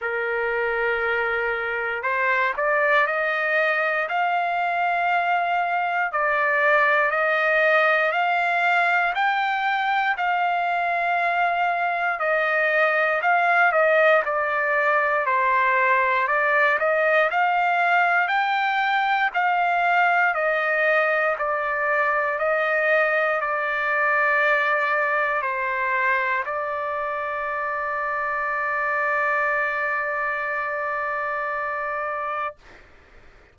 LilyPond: \new Staff \with { instrumentName = "trumpet" } { \time 4/4 \tempo 4 = 59 ais'2 c''8 d''8 dis''4 | f''2 d''4 dis''4 | f''4 g''4 f''2 | dis''4 f''8 dis''8 d''4 c''4 |
d''8 dis''8 f''4 g''4 f''4 | dis''4 d''4 dis''4 d''4~ | d''4 c''4 d''2~ | d''1 | }